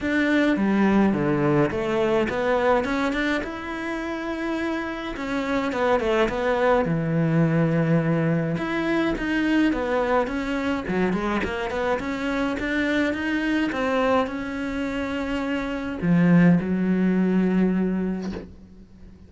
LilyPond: \new Staff \with { instrumentName = "cello" } { \time 4/4 \tempo 4 = 105 d'4 g4 d4 a4 | b4 cis'8 d'8 e'2~ | e'4 cis'4 b8 a8 b4 | e2. e'4 |
dis'4 b4 cis'4 fis8 gis8 | ais8 b8 cis'4 d'4 dis'4 | c'4 cis'2. | f4 fis2. | }